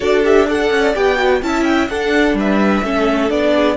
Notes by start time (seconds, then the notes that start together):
0.00 D4 F#4 A4 D5
0.23 G4 E5
0.46 A4 D5 F#5
0.71 C#4
0.94 B3 G4 G5
1.16 F#4
1.42 C#4 E4 E5 A5
1.64 G5
1.89 D4 A4 F#5
2.33 G3 B4 E5
2.83 A3 C#4 A4
3.29 B3 D4 D5
3.55 G#4